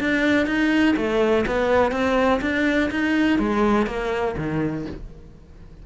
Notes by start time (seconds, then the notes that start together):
0.00 D4
0.46 D#4
0.96 A3
1.46 B3
1.92 C4
2.41 D4
2.91 D#4
3.39 G#3
3.87 A#3
4.37 D#3